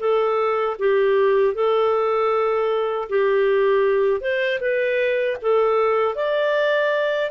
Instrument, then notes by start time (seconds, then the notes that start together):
clarinet
0.00 A4
0.79 G4
1.55 A4
3.09 G4
4.21 C5
4.60 B4
5.42 A4
6.15 D5